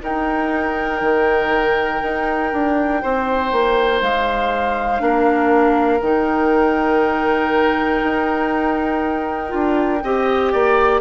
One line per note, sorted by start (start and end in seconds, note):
0.00 4.99 D#4
0.00 1.01 D#4
0.00 3.02 A#4
0.00 4.02 G5
1.01 2.01 D#3
2.03 2.53 D#4
2.53 3.03 D4
3.02 3.52 C4
3.02 5.02 C5
3.52 4.02 A#3
4.02 5.01 G#3
4.02 6.00 F5
4.99 6.01 A#3
4.99 5.99 D4
4.99 10.03 A#4
6.00 8.01 D#3
6.00 9.48 D#4
6.00 11.00 G5
8.03 9.53 D#4
9.48 10.03 D4
9.48 9.98 F4
10.03 10.53 C4
10.03 11.00 G4
10.03 10.52 D#5
10.52 11.00 A#3
10.52 11.00 D5